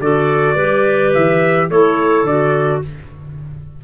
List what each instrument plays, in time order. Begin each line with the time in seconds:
0.00 tuba D3, clarinet F#4 A4, trumpet D5
0.55 tuba G3, clarinet G4 B4
1.14 tuba E3, trumpet E5
1.70 tuba A3, clarinet E4 A4, trumpet C#5
2.23 tuba D3, clarinet F#4, trumpet D5